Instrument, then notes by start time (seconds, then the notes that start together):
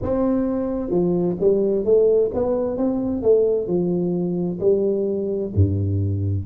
tuba
0.02 C4
0.89 F3
1.40 G3
1.85 A3
2.34 B3
2.77 C4
3.22 A3
3.67 F3
4.59 G3
5.54 G2